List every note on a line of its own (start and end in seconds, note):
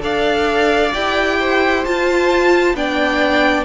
0.00 0.92 D4
0.00 0.91 A4
0.00 1.38 D5
0.00 0.94 F5
0.94 1.85 E4
0.94 1.84 G4
0.94 1.84 G5
1.39 2.76 C5
1.84 2.75 F4
1.84 2.73 F4
1.84 2.75 A5
2.73 3.64 B3
2.73 3.64 D4
2.73 3.64 D5
2.73 3.64 G5